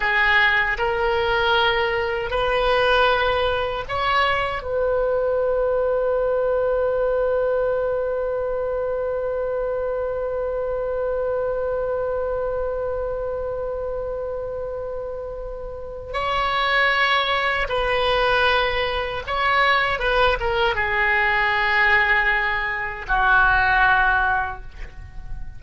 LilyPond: \new Staff \with { instrumentName = "oboe" } { \time 4/4 \tempo 4 = 78 gis'4 ais'2 b'4~ | b'4 cis''4 b'2~ | b'1~ | b'1~ |
b'1~ | b'4 cis''2 b'4~ | b'4 cis''4 b'8 ais'8 gis'4~ | gis'2 fis'2 | }